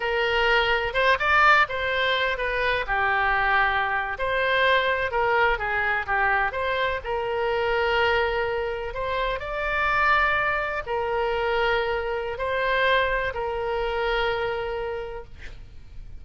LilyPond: \new Staff \with { instrumentName = "oboe" } { \time 4/4 \tempo 4 = 126 ais'2 c''8 d''4 c''8~ | c''4 b'4 g'2~ | g'8. c''2 ais'4 gis'16~ | gis'8. g'4 c''4 ais'4~ ais'16~ |
ais'2~ ais'8. c''4 d''16~ | d''2~ d''8. ais'4~ ais'16~ | ais'2 c''2 | ais'1 | }